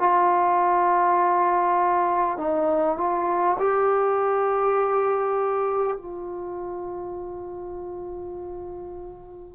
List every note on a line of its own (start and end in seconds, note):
0.00 2.38 F4
2.38 2.98 D#4
2.98 3.58 F4
3.59 5.97 G4
5.97 9.56 F4